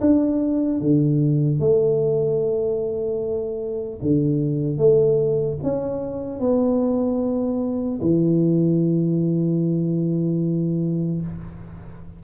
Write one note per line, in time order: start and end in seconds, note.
0.00 0.80 D4
0.80 1.60 D3
1.60 4.00 A3
4.01 4.77 D3
4.77 5.57 A3
5.63 6.39 C#4
6.39 7.99 B3
8.01 11.21 E3